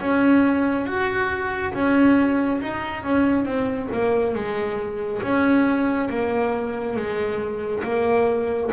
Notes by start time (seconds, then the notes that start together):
0.00 C#4
0.86 F#4
1.74 C#4
2.61 D#4
3.04 C#4
3.45 C4
3.93 A#3
4.35 G#3
5.23 C#4
6.10 A#3
6.96 G#3
7.84 A#3